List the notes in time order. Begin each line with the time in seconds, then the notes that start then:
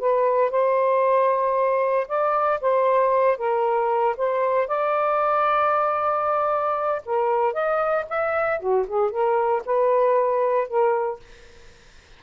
0.00 B4
0.51 C5
2.08 D5
2.62 C5
3.38 A#4
4.17 C5
4.68 D5
7.06 A#4
7.54 D#5
8.10 E5
8.60 F#4
8.88 G#4
9.11 A#4
9.66 B4
10.68 A#4